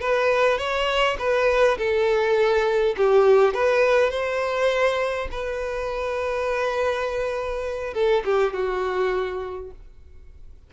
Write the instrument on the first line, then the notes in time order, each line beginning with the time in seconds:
violin
0.00 B4
0.58 C#5
1.18 B4
1.78 A4
2.97 G4
3.53 B4
4.10 C5
5.31 B4
7.94 A4
8.25 G4
8.53 F#4